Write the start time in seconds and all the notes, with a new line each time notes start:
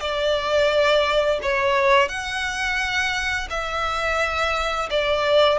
0.00 D5
1.42 C#5
2.08 F#5
3.50 E5
4.90 D5